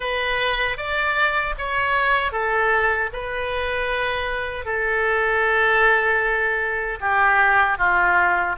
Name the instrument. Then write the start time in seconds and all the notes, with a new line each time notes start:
oboe
0.00 B4
0.77 D5
1.58 C#5
2.32 A4
3.12 B4
4.65 A4
7.00 G4
7.77 F4